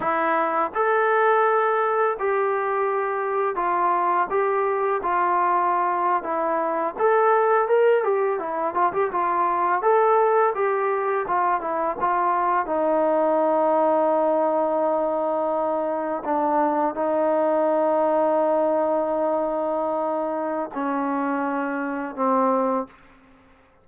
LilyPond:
\new Staff \with { instrumentName = "trombone" } { \time 4/4 \tempo 4 = 84 e'4 a'2 g'4~ | g'4 f'4 g'4 f'4~ | f'8. e'4 a'4 ais'8 g'8 e'16~ | e'16 f'16 g'16 f'4 a'4 g'4 f'16~ |
f'16 e'8 f'4 dis'2~ dis'16~ | dis'2~ dis'8. d'4 dis'16~ | dis'1~ | dis'4 cis'2 c'4 | }